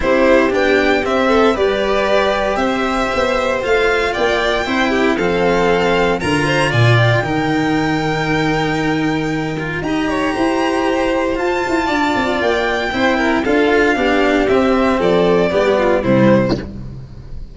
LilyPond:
<<
  \new Staff \with { instrumentName = "violin" } { \time 4/4 \tempo 4 = 116 c''4 g''4 e''4 d''4~ | d''4 e''2 f''4 | g''2 f''2 | ais''4 gis''8 g''2~ g''8~ |
g''2. ais''4~ | ais''2 a''2 | g''2 f''2 | e''4 d''2 c''4 | }
  \new Staff \with { instrumentName = "violin" } { \time 4/4 g'2~ g'8 a'8 b'4~ | b'4 c''2. | d''4 c''8 g'8 a'2 | ais'8 c''8 d''4 ais'2~ |
ais'2. dis''8 cis''8 | c''2. d''4~ | d''4 c''8 ais'8 a'4 g'4~ | g'4 a'4 g'8 f'8 e'4 | }
  \new Staff \with { instrumentName = "cello" } { \time 4/4 e'4 d'4 c'4 g'4~ | g'2. f'4~ | f'4 e'4 c'2 | f'2 dis'2~ |
dis'2~ dis'8 f'8 g'4~ | g'2 f'2~ | f'4 e'4 f'4 d'4 | c'2 b4 g4 | }
  \new Staff \with { instrumentName = "tuba" } { \time 4/4 c'4 b4 c'4 g4~ | g4 c'4 b4 a4 | ais4 c'4 f2 | d4 ais,4 dis2~ |
dis2. dis'4 | e'2 f'8 e'8 d'8 c'8 | ais4 c'4 d'4 b4 | c'4 f4 g4 c4 | }
>>